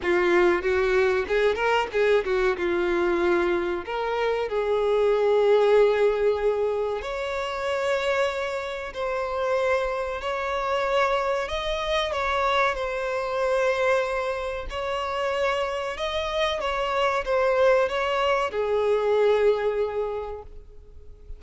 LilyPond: \new Staff \with { instrumentName = "violin" } { \time 4/4 \tempo 4 = 94 f'4 fis'4 gis'8 ais'8 gis'8 fis'8 | f'2 ais'4 gis'4~ | gis'2. cis''4~ | cis''2 c''2 |
cis''2 dis''4 cis''4 | c''2. cis''4~ | cis''4 dis''4 cis''4 c''4 | cis''4 gis'2. | }